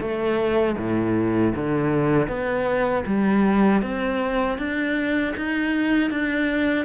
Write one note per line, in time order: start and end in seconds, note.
0.00 0.76 A3
0.78 1.54 A2
1.55 2.28 D3
2.28 3.03 B3
3.06 3.82 G3
3.82 4.58 C4
4.58 5.34 D4
5.36 6.10 D#4
6.10 6.85 D4